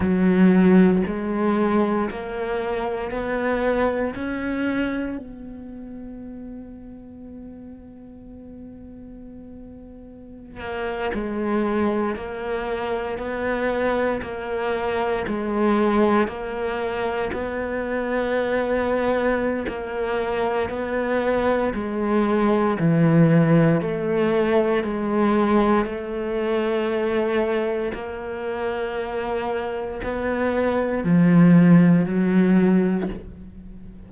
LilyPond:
\new Staff \with { instrumentName = "cello" } { \time 4/4 \tempo 4 = 58 fis4 gis4 ais4 b4 | cis'4 b2.~ | b2~ b16 ais8 gis4 ais16~ | ais8. b4 ais4 gis4 ais16~ |
ais8. b2~ b16 ais4 | b4 gis4 e4 a4 | gis4 a2 ais4~ | ais4 b4 f4 fis4 | }